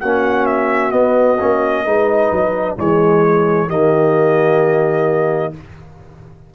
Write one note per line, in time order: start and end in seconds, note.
0.00 0.93 A#3
0.00 0.92 C#4
0.00 1.85 F#4
0.00 0.46 F#5
0.46 0.92 E5
0.92 1.38 B3
0.92 1.39 B3
0.92 2.76 D#5
1.40 1.85 A#3
1.40 1.85 C#4
1.85 2.31 G#3
1.85 2.77 D#4
1.85 2.78 B4
2.32 2.78 F#3
2.77 3.68 E3
2.77 3.69 G#3
2.77 3.68 G#4
2.77 3.70 C#5
3.68 5.53 D#3
3.68 5.54 A#3
3.68 5.52 G4
3.68 5.55 D#5